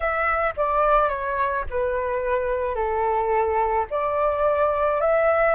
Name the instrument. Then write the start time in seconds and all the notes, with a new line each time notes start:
flute
0.00 E5
0.56 D5
1.08 C#5
1.69 B4
2.75 A4
3.90 D5
5.01 E5